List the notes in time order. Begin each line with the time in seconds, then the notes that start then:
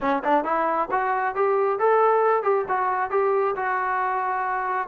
0.00 C#4
0.24 D4
0.44 E4
0.91 F#4
1.35 G4
1.79 A4
2.43 G4
2.68 F#4
3.10 G4
3.56 F#4